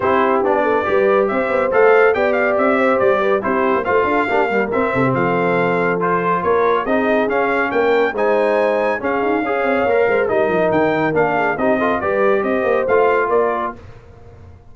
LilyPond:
<<
  \new Staff \with { instrumentName = "trumpet" } { \time 4/4 \tempo 4 = 140 c''4 d''2 e''4 | f''4 g''8 f''8 e''4 d''4 | c''4 f''2 e''4 | f''2 c''4 cis''4 |
dis''4 f''4 g''4 gis''4~ | gis''4 f''2. | dis''4 g''4 f''4 dis''4 | d''4 dis''4 f''4 d''4 | }
  \new Staff \with { instrumentName = "horn" } { \time 4/4 g'4. a'8 b'4 c''4~ | c''4 d''4. c''4 b'8 | g'4 c''8 a'8 g'8 ais'4 a'16 g'16 | a'2. ais'4 |
gis'2 ais'4 c''4~ | c''4 gis'4 cis''4. c''8 | ais'2~ ais'8 gis'8 g'8 a'8 | b'4 c''2 ais'4 | }
  \new Staff \with { instrumentName = "trombone" } { \time 4/4 e'4 d'4 g'2 | a'4 g'2. | e'4 f'4 d'8 g8 c'4~ | c'2 f'2 |
dis'4 cis'2 dis'4~ | dis'4 cis'4 gis'4 ais'4 | dis'2 d'4 dis'8 f'8 | g'2 f'2 | }
  \new Staff \with { instrumentName = "tuba" } { \time 4/4 c'4 b4 g4 c'8 b8 | a4 b4 c'4 g4 | c'8. ais16 a8 d'8 ais4 c'8 c8 | f2. ais4 |
c'4 cis'4 ais4 gis4~ | gis4 cis'8 dis'8 cis'8 c'8 ais8 gis8 | g8 f8 dis4 ais4 c'4 | g4 c'8 ais8 a4 ais4 | }
>>